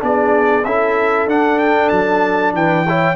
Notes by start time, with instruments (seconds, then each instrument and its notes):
0.00 tuba B3, trombone D4, horn G#4, trumpet D5
0.65 tuba C#4, trombone E4, horn A4, trumpet E5
1.27 tuba D4, trombone D4, trumpet F#5
1.59 trumpet G5
1.89 tuba F#3, trumpet A5
2.53 tuba E3, horn B4, trumpet G5
2.88 trombone E4, horn C#5